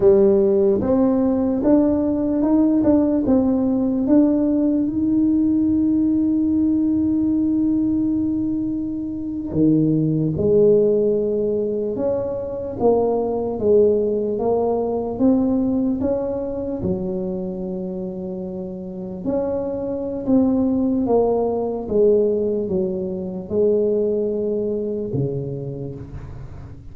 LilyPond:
\new Staff \with { instrumentName = "tuba" } { \time 4/4 \tempo 4 = 74 g4 c'4 d'4 dis'8 d'8 | c'4 d'4 dis'2~ | dis'2.~ dis'8. dis16~ | dis8. gis2 cis'4 ais16~ |
ais8. gis4 ais4 c'4 cis'16~ | cis'8. fis2. cis'16~ | cis'4 c'4 ais4 gis4 | fis4 gis2 cis4 | }